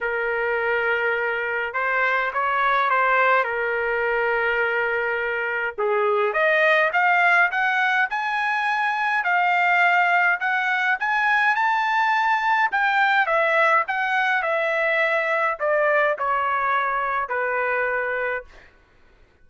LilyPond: \new Staff \with { instrumentName = "trumpet" } { \time 4/4 \tempo 4 = 104 ais'2. c''4 | cis''4 c''4 ais'2~ | ais'2 gis'4 dis''4 | f''4 fis''4 gis''2 |
f''2 fis''4 gis''4 | a''2 g''4 e''4 | fis''4 e''2 d''4 | cis''2 b'2 | }